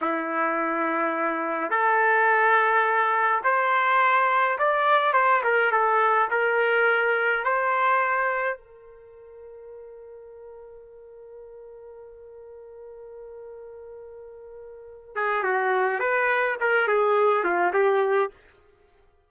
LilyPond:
\new Staff \with { instrumentName = "trumpet" } { \time 4/4 \tempo 4 = 105 e'2. a'4~ | a'2 c''2 | d''4 c''8 ais'8 a'4 ais'4~ | ais'4 c''2 ais'4~ |
ais'1~ | ais'1~ | ais'2~ ais'8 gis'8 fis'4 | b'4 ais'8 gis'4 f'8 g'4 | }